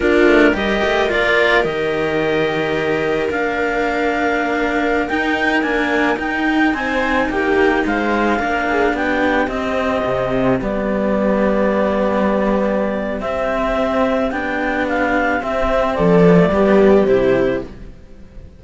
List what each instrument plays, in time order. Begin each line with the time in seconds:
0.00 cello A#3 D4, viola F4, clarinet A#4
0.25 cello A3
0.53 cello G3 G4, viola A#4, clarinet D#5
0.83 cello A3
1.08 cello A#3 F4, clarinet D5
1.63 cello D#3 G4, clarinet D#5
3.30 cello A#3 D4, clarinet F5
5.08 cello D#4, clarinet G5
5.61 cello A#3 D4, clarinet G#5
6.16 cello D#4, clarinet G5
6.72 cello C4, viola C5, clarinet G#5
7.29 cello A#3, viola G4, clarinet G5
7.85 cello G#3, viola C5, clarinet F5
8.38 cello A#3 D4, viola A#4
8.69 viola G#4
8.93 cello B3, viola G4, clarinet G5
9.47 cello C4, clarinet D#5
10.04 cello C3
10.61 cello G3 B3, clarinet D5
13.20 cello C4, clarinet E5
14.30 cello B3 D4, clarinet G5
14.88 clarinet F5
15.40 cello C4, clarinet E5
15.94 cello F3, viola A4, clarinet D5
16.26 cello B3
16.35 cello A3
16.49 cello G3 B3, viola G4
17.04 cello C3 E4, clarinet C5